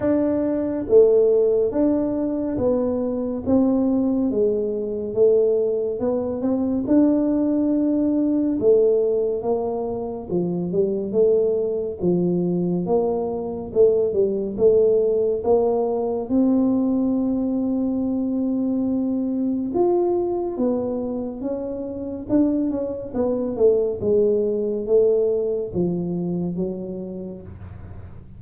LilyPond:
\new Staff \with { instrumentName = "tuba" } { \time 4/4 \tempo 4 = 70 d'4 a4 d'4 b4 | c'4 gis4 a4 b8 c'8 | d'2 a4 ais4 | f8 g8 a4 f4 ais4 |
a8 g8 a4 ais4 c'4~ | c'2. f'4 | b4 cis'4 d'8 cis'8 b8 a8 | gis4 a4 f4 fis4 | }